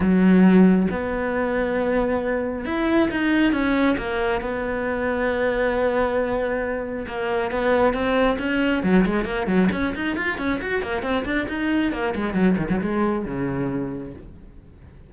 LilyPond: \new Staff \with { instrumentName = "cello" } { \time 4/4 \tempo 4 = 136 fis2 b2~ | b2 e'4 dis'4 | cis'4 ais4 b2~ | b1 |
ais4 b4 c'4 cis'4 | fis8 gis8 ais8 fis8 cis'8 dis'8 f'8 cis'8 | fis'8 ais8 c'8 d'8 dis'4 ais8 gis8 | fis8 dis16 fis16 gis4 cis2 | }